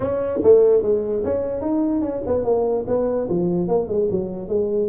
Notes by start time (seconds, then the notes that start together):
0.00 C#4
0.43 A3
0.82 G#3
1.24 C#4
1.61 D#4
2.01 C#4
2.26 B3
2.44 A#3
2.87 B3
3.29 F3
3.68 A#3
3.88 G#3
4.10 F#3
4.48 G#3